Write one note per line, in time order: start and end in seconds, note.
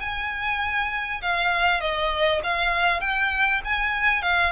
0.00 1.21 G#5
1.22 1.80 F5
1.80 2.41 D#5
2.43 3.01 F5
3.01 3.61 G5
3.64 4.22 G#5
4.22 4.52 F5